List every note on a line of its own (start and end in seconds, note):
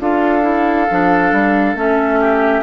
0.00 0.88 D4
0.00 0.42 F4
0.00 2.20 A4
0.00 1.77 F5
0.42 0.86 E4
0.91 1.32 F3
0.91 1.76 D4
1.32 1.74 G3
1.74 2.62 A3
1.74 2.63 C#4
1.74 2.63 E5
2.20 2.63 G4